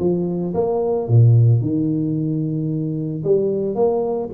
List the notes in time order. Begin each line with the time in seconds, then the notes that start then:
0.00 F3
0.54 A#3
1.08 A#2
1.62 D#3
3.24 G3
3.76 A#3